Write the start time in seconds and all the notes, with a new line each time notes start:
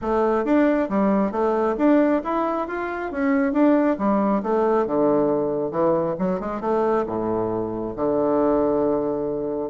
0.01 A3
0.44 D4
0.89 G3
1.31 A3
1.77 D4
2.23 E4
2.67 F4
3.11 C#4
3.52 D4
3.98 G3
4.43 A3
4.86 D3
5.71 E3
6.18 F#3
6.40 G#3
6.61 A3
7.06 A2
7.95 D3